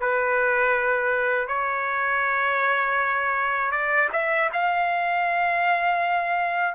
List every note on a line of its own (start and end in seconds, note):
0.00 1.48 B4
1.48 3.72 C#5
3.72 4.09 D5
4.12 4.50 E5
4.53 6.75 F5